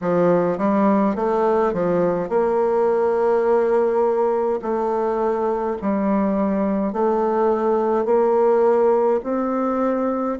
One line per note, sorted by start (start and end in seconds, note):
0.01 0.58 F3
0.58 1.15 G3
1.15 1.73 A3
1.73 2.29 F3
2.29 4.59 A#3
4.62 5.77 A3
5.81 6.92 G3
6.92 8.05 A3
8.05 9.20 A#3
9.23 10.38 C4